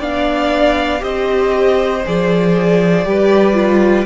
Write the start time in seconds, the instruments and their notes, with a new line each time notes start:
0.00 cello B3, viola D4, violin D5 F5
0.99 cello C4, viola G4, violin C5 D#5
2.05 cello F3, viola G#4, violin D5
3.05 cello G3, viola G4, violin B4
3.54 viola F4